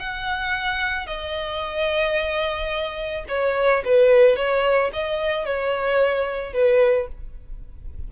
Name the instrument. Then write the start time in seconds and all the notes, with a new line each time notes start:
violin
0.00 F#5
1.07 D#5
3.29 C#5
3.86 B4
4.37 C#5
4.94 D#5
5.46 C#5
6.54 B4